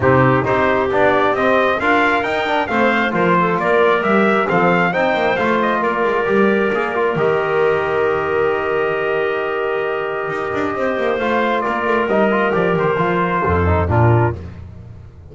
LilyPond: <<
  \new Staff \with { instrumentName = "trumpet" } { \time 4/4 \tempo 4 = 134 g'4 c''4 d''4 dis''4 | f''4 g''4 f''4 c''4 | d''4 e''4 f''4 g''4 | f''8 dis''8 d''2. |
dis''1~ | dis''1~ | dis''4 f''4 d''4 dis''4 | d''8 c''2~ c''8 ais'4 | }
  \new Staff \with { instrumentName = "clarinet" } { \time 4/4 dis'4 g'2. | ais'2 c''4 ais'8 a'8 | ais'2 a'4 c''4~ | c''4 ais'2.~ |
ais'1~ | ais'1 | c''2 ais'2~ | ais'2 a'4 f'4 | }
  \new Staff \with { instrumentName = "trombone" } { \time 4/4 c'4 dis'4 d'4 c'4 | f'4 dis'8 d'8 c'4 f'4~ | f'4 g'4 c'4 dis'4 | f'2 g'4 gis'8 f'8 |
g'1~ | g'1~ | g'4 f'2 dis'8 f'8 | g'4 f'4. dis'8 d'4 | }
  \new Staff \with { instrumentName = "double bass" } { \time 4/4 c4 c'4 b4 c'4 | d'4 dis'4 a4 f4 | ais4 g4 f4 c'8 ais8 | a4 ais8 gis8 g4 ais4 |
dis1~ | dis2. dis'8 d'8 | c'8 ais8 a4 ais8 a8 g4 | f8 dis8 f4 f,4 ais,4 | }
>>